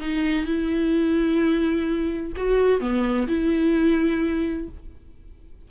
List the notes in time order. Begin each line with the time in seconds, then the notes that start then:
0.00 D#4
0.45 E4
2.36 F#4
2.80 B3
3.28 E4